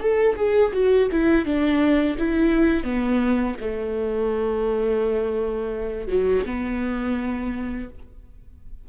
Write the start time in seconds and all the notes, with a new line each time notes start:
0.00 A4
0.36 G#4
0.73 F#4
1.12 E4
1.45 D4
2.19 E4
2.84 B3
3.61 A3
6.08 F#3
6.46 B3